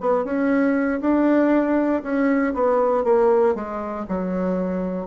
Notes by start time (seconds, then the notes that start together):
0.00 B3
0.24 C#4
1.00 D4
2.02 C#4
2.53 B3
3.04 A#3
3.55 G#3
4.08 F#3